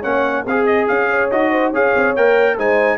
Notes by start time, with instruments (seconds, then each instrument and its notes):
0.00 tuba A#3, trombone C#4, horn C#5, trumpet F#5
0.44 tuba C4, horn G#4, trombone G#4, trumpet F5
0.66 trumpet D#5
0.88 tuba C#4, trumpet F5
1.10 horn C#5
1.30 tuba D#4, trombone F#4, trumpet D#5
1.51 horn C5
1.70 tuba C#4, trombone G#4, horn C#5, trumpet F5
1.96 tuba C4
2.16 tuba A#3, trombone A#4, trumpet G5
2.57 tuba G#3, trombone D#4, horn C5, trumpet G#5